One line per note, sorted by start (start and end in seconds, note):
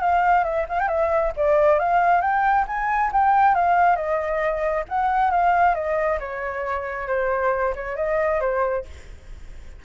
0.00 0.44 F5
0.44 0.66 E5
0.69 0.79 F5
0.79 0.88 G5
0.88 1.32 E5
1.37 1.79 D5
1.79 2.21 F5
2.21 2.65 G5
2.67 3.11 G#5
3.13 3.55 G5
3.55 3.96 F5
3.96 4.84 D#5
4.89 5.31 F#5
5.31 5.75 F5
5.75 6.19 D#5
6.20 7.08 C#5
7.08 7.74 C5
7.75 7.97 C#5
7.97 8.40 D#5
8.40 8.85 C5